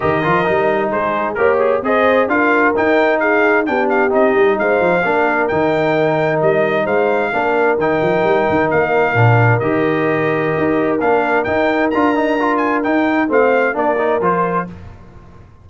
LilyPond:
<<
  \new Staff \with { instrumentName = "trumpet" } { \time 4/4 \tempo 4 = 131 dis''2 c''4 ais'8 gis'8 | dis''4 f''4 g''4 f''4 | g''8 f''8 dis''4 f''2 | g''2 dis''4 f''4~ |
f''4 g''2 f''4~ | f''4 dis''2. | f''4 g''4 ais''4. gis''8 | g''4 f''4 d''4 c''4 | }
  \new Staff \with { instrumentName = "horn" } { \time 4/4 ais'2 gis'4 cis''4 | c''4 ais'2 gis'4 | g'2 c''4 ais'4~ | ais'2. c''4 |
ais'1~ | ais'1~ | ais'1~ | ais'4 c''4 ais'2 | }
  \new Staff \with { instrumentName = "trombone" } { \time 4/4 g'8 f'8 dis'2 g'4 | gis'4 f'4 dis'2 | d'4 dis'2 d'4 | dis'1 |
d'4 dis'2. | d'4 g'2. | d'4 dis'4 f'8 dis'8 f'4 | dis'4 c'4 d'8 dis'8 f'4 | }
  \new Staff \with { instrumentName = "tuba" } { \time 4/4 dis8 f8 g4 gis4 ais4 | c'4 d'4 dis'2 | b4 c'8 g8 gis8 f8 ais4 | dis2 g4 gis4 |
ais4 dis8 f8 g8 dis8 ais4 | ais,4 dis2 dis'4 | ais4 dis'4 d'2 | dis'4 a4 ais4 f4 | }
>>